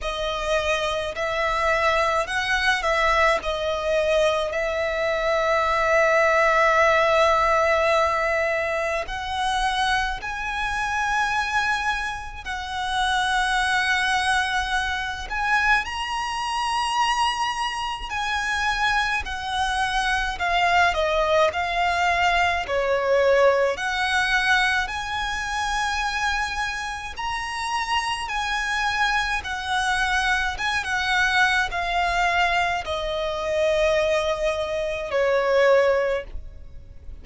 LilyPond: \new Staff \with { instrumentName = "violin" } { \time 4/4 \tempo 4 = 53 dis''4 e''4 fis''8 e''8 dis''4 | e''1 | fis''4 gis''2 fis''4~ | fis''4. gis''8 ais''2 |
gis''4 fis''4 f''8 dis''8 f''4 | cis''4 fis''4 gis''2 | ais''4 gis''4 fis''4 gis''16 fis''8. | f''4 dis''2 cis''4 | }